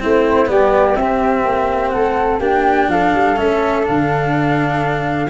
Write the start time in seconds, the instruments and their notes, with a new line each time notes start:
0.00 tuba A3, cello C4, flute E4 C5
0.46 tuba G3, cello B3, flute G4 D5
0.96 tuba C4, cello C4, flute E5
1.45 tuba A#3
1.90 flute A4 F#5
1.96 tuba A3
2.40 tuba A#3, cello D4, flute G4 G5
2.89 tuba F3, flute A4 F5
3.15 tuba G3
3.37 tuba A3, cello C#4, flute E5
3.84 tuba D3, cello D4, flute F5